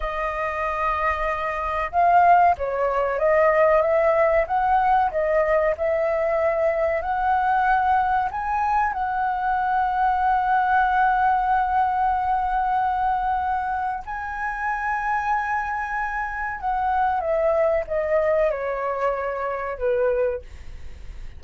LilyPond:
\new Staff \with { instrumentName = "flute" } { \time 4/4 \tempo 4 = 94 dis''2. f''4 | cis''4 dis''4 e''4 fis''4 | dis''4 e''2 fis''4~ | fis''4 gis''4 fis''2~ |
fis''1~ | fis''2 gis''2~ | gis''2 fis''4 e''4 | dis''4 cis''2 b'4 | }